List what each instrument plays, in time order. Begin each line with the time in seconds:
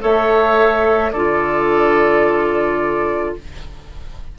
0.00 bassoon A3, clarinet A4, oboe C#5, flute E5
1.12 bassoon D3, clarinet F4, oboe A4, flute D5